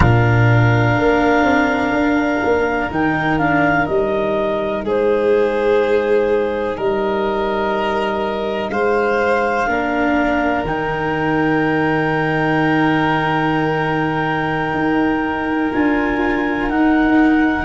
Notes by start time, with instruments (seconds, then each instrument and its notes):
0.00 tuba A#2, cello D4, violin A#4, clarinet F5
0.97 tuba A#3
1.44 tuba C4
1.92 tuba D4
2.44 tuba A#3
2.90 tuba D#3, cello D#4, clarinet G5
3.37 cello D4, clarinet F5
3.86 tuba G3, cello D#4, clarinet D#5
4.83 tuba G#3, violin G#4, clarinet C5
6.77 tuba G3, violin A#4, clarinet D#5
8.70 tuba G#3, violin C5, clarinet F5
9.66 tuba A#3, cello D4, violin A#4
10.63 tuba D#3, cello D#4, clarinet G5
14.74 tuba D#4
15.73 tuba D4, cello F4, clarinet G#5
16.69 tuba D#4, cello D#4, clarinet F#5